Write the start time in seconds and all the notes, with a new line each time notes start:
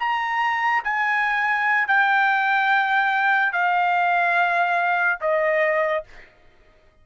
0.00 A#5
0.84 G#5
1.88 G5
3.53 F5
5.21 D#5